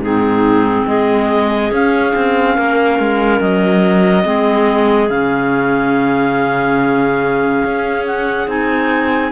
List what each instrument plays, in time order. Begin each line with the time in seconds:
0.00 cello G#2, clarinet C4 D#4 G#4
0.87 cello G#3, clarinet G#4 D#5
1.72 cello C#4, clarinet C#4 F5
2.16 cello C4
2.56 cello A#3, clarinet A#4
3.00 cello G#3
3.41 cello F#3, clarinet D#5
4.24 cello G#3, clarinet C4 G#4
5.09 cello C#3, clarinet C#4 F5
7.65 cello C#4
8.07 clarinet F#5
8.48 cello C4, clarinet D#4 G#5